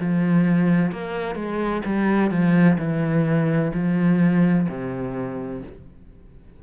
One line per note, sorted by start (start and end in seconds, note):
0.00 0.92 F3
0.92 1.35 A#3
1.35 1.82 G#3
1.85 2.31 G3
2.31 2.77 F3
2.78 3.72 E3
3.74 4.67 F3
4.69 5.62 C3